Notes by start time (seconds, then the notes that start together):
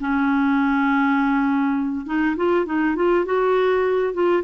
0.00 C#4
2.06 D#4
2.36 F4
2.66 D#4
2.95 F4
3.25 F#4
4.13 F4